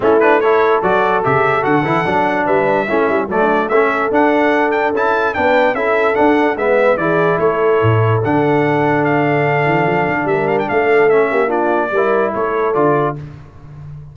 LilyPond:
<<
  \new Staff \with { instrumentName = "trumpet" } { \time 4/4 \tempo 4 = 146 a'8 b'8 cis''4 d''4 e''4 | fis''2 e''2 | d''4 e''4 fis''4. g''8 | a''4 g''4 e''4 fis''4 |
e''4 d''4 cis''2 | fis''2 f''2~ | f''4 e''8 f''16 g''16 f''4 e''4 | d''2 cis''4 d''4 | }
  \new Staff \with { instrumentName = "horn" } { \time 4/4 e'4 a'2.~ | a'2 b'4 e'4 | a'16 d'8. a'2.~ | a'4 b'4 a'2 |
b'4 gis'4 a'2~ | a'1~ | a'4 ais'4 a'4. g'8 | f'4 ais'4 a'2 | }
  \new Staff \with { instrumentName = "trombone" } { \time 4/4 cis'8 d'8 e'4 fis'4 g'4 | fis'8 e'8 d'2 cis'4 | a4 cis'4 d'2 | e'4 d'4 e'4 d'4 |
b4 e'2. | d'1~ | d'2. cis'4 | d'4 e'2 f'4 | }
  \new Staff \with { instrumentName = "tuba" } { \time 4/4 a2 fis4 cis4 | d8 e8 fis4 g4 a8 g8 | fis4 a4 d'2 | cis'4 b4 cis'4 d'4 |
gis4 e4 a4 a,4 | d2.~ d8 e8 | f8 d8 g4 a4. ais8~ | ais4 g4 a4 d4 | }
>>